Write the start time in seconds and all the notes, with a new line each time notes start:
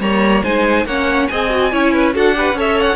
0.00 G3 A#3 C#5 A#5
0.44 G#3 D#4 C5 G#5
0.86 A#3 C#4 C#5 F#5
1.28 C4 G#4 D#5 G#5
1.50 F#4
1.72 C#4 E4 C#5
1.93 B4
2.14 D4 F#4 A4 F#5
2.34 G4 B4
2.53 C#4 A4 C#5
2.60 E5
2.80 F#5